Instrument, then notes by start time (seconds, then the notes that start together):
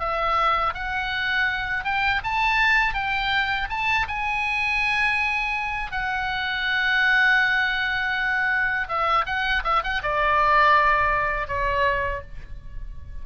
oboe
0.00 E5
0.74 F#5
1.85 G5
2.24 A5
2.94 G5
3.70 A5
4.08 G#5
5.92 F#5
8.89 E5
9.27 F#5
9.65 E5
9.84 F#5
10.03 D5
11.48 C#5